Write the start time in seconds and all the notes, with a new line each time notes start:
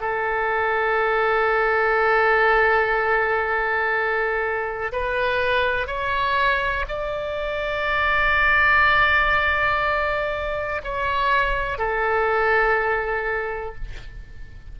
0.00 A4
4.92 B4
5.87 C#5
6.88 D5
10.84 C#5
11.78 A4